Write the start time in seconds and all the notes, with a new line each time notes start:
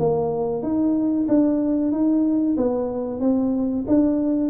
0.00 A#3
0.63 D#4
1.29 D4
1.92 D#4
2.58 B3
3.21 C4
3.88 D4